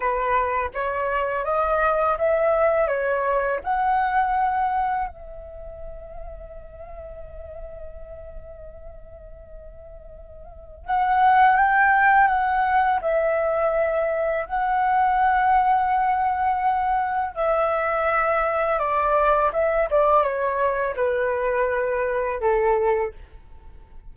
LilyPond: \new Staff \with { instrumentName = "flute" } { \time 4/4 \tempo 4 = 83 b'4 cis''4 dis''4 e''4 | cis''4 fis''2 e''4~ | e''1~ | e''2. fis''4 |
g''4 fis''4 e''2 | fis''1 | e''2 d''4 e''8 d''8 | cis''4 b'2 a'4 | }